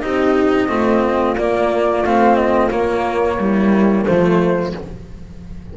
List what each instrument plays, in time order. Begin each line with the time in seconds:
0.00 double bass C4, cello D#4, horn G4, flute D#5
0.68 double bass A3, cello C4, horn F4
1.37 double bass A#3, cello A#3, flute D5
2.01 double bass A3, cello C4, flute F5
2.35 flute D#5
2.70 cello A#3, double bass A#3, flute C#5
3.38 cello G3, horn E4
4.05 double bass F3, cello A3, horn F4, flute C5